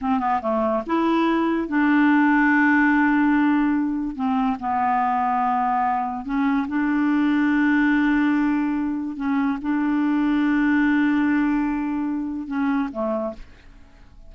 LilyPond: \new Staff \with { instrumentName = "clarinet" } { \time 4/4 \tempo 4 = 144 c'8 b8 a4 e'2 | d'1~ | d'2 c'4 b4~ | b2. cis'4 |
d'1~ | d'2 cis'4 d'4~ | d'1~ | d'2 cis'4 a4 | }